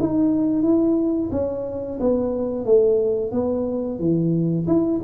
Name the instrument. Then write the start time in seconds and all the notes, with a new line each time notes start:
tuba
0.00 D#4
0.63 E4
1.32 C#4
2.01 B3
2.66 A3
3.32 B3
4.00 E3
4.67 E4